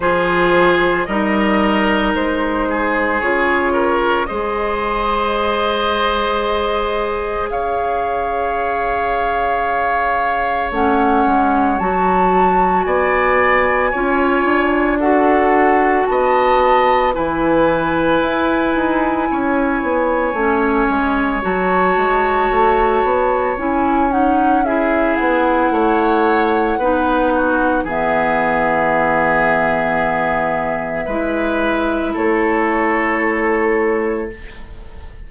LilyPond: <<
  \new Staff \with { instrumentName = "flute" } { \time 4/4 \tempo 4 = 56 c''4 dis''4 c''4 cis''4 | dis''2. f''4~ | f''2 fis''4 a''4 | gis''2 fis''4 a''4 |
gis''1 | a''2 gis''8 fis''8 e''8 fis''8~ | fis''2 e''2~ | e''2 cis''2 | }
  \new Staff \with { instrumentName = "oboe" } { \time 4/4 gis'4 ais'4. gis'4 ais'8 | c''2. cis''4~ | cis''1 | d''4 cis''4 a'4 dis''4 |
b'2 cis''2~ | cis''2. gis'4 | cis''4 b'8 fis'8 gis'2~ | gis'4 b'4 a'2 | }
  \new Staff \with { instrumentName = "clarinet" } { \time 4/4 f'4 dis'2 f'4 | gis'1~ | gis'2 cis'4 fis'4~ | fis'4 f'4 fis'2 |
e'2. cis'4 | fis'2 e'8 dis'8 e'4~ | e'4 dis'4 b2~ | b4 e'2. | }
  \new Staff \with { instrumentName = "bassoon" } { \time 4/4 f4 g4 gis4 cis4 | gis2. cis'4~ | cis'2 a8 gis8 fis4 | b4 cis'8 d'4. b4 |
e4 e'8 dis'8 cis'8 b8 a8 gis8 | fis8 gis8 a8 b8 cis'4. b8 | a4 b4 e2~ | e4 gis4 a2 | }
>>